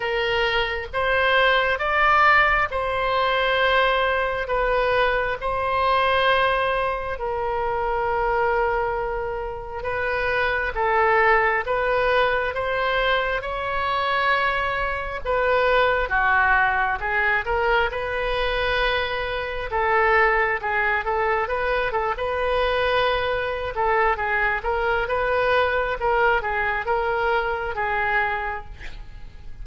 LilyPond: \new Staff \with { instrumentName = "oboe" } { \time 4/4 \tempo 4 = 67 ais'4 c''4 d''4 c''4~ | c''4 b'4 c''2 | ais'2. b'4 | a'4 b'4 c''4 cis''4~ |
cis''4 b'4 fis'4 gis'8 ais'8 | b'2 a'4 gis'8 a'8 | b'8 a'16 b'4.~ b'16 a'8 gis'8 ais'8 | b'4 ais'8 gis'8 ais'4 gis'4 | }